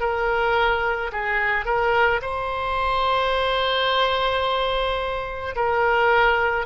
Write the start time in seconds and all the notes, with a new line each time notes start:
0.00 A#4
1.12 G#4
1.65 A#4
2.22 C5
5.56 A#4